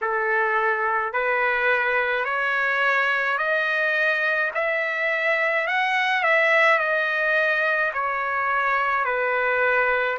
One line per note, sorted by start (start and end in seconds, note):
0.01 1.13 A4
1.13 2.24 B4
2.24 3.38 C#5
3.38 4.51 D#5
4.54 5.67 E5
5.67 6.23 F#5
6.23 6.78 E5
6.78 7.91 D#5
7.93 9.04 C#5
9.04 10.17 B4